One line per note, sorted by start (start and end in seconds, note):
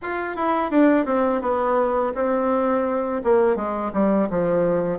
0.02 0.36 F4
0.36 0.70 E4
0.70 1.05 D4
1.05 1.41 C4
1.41 2.13 B3
2.15 3.22 C4
3.23 3.56 A#3
3.56 3.91 G#3
3.93 4.29 G3
4.30 4.98 F3